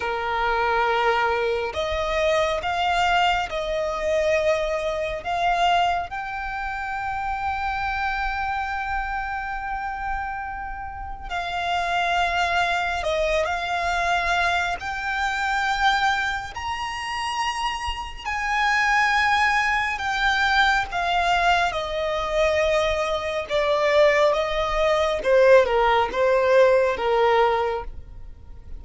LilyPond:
\new Staff \with { instrumentName = "violin" } { \time 4/4 \tempo 4 = 69 ais'2 dis''4 f''4 | dis''2 f''4 g''4~ | g''1~ | g''4 f''2 dis''8 f''8~ |
f''4 g''2 ais''4~ | ais''4 gis''2 g''4 | f''4 dis''2 d''4 | dis''4 c''8 ais'8 c''4 ais'4 | }